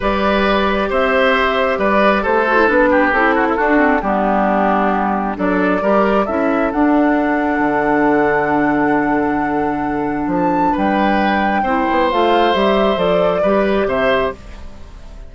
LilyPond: <<
  \new Staff \with { instrumentName = "flute" } { \time 4/4 \tempo 4 = 134 d''2 e''2 | d''4 c''4 b'4 a'4~ | a'4 g'2. | d''2 e''4 fis''4~ |
fis''1~ | fis''2. a''4 | g''2. f''4 | e''4 d''2 e''4 | }
  \new Staff \with { instrumentName = "oboe" } { \time 4/4 b'2 c''2 | b'4 a'4. g'4 fis'16 e'16 | fis'4 d'2. | a'4 ais'4 a'2~ |
a'1~ | a'1 | b'2 c''2~ | c''2 b'4 c''4 | }
  \new Staff \with { instrumentName = "clarinet" } { \time 4/4 g'1~ | g'4. fis'16 e'16 d'4 e'4 | d'8 c'8 b2. | d'4 g'4 e'4 d'4~ |
d'1~ | d'1~ | d'2 e'4 f'4 | g'4 a'4 g'2 | }
  \new Staff \with { instrumentName = "bassoon" } { \time 4/4 g2 c'2 | g4 a4 b4 c'4 | d'4 g2. | fis4 g4 cis'4 d'4~ |
d'4 d2.~ | d2. f4 | g2 c'8 b8 a4 | g4 f4 g4 c4 | }
>>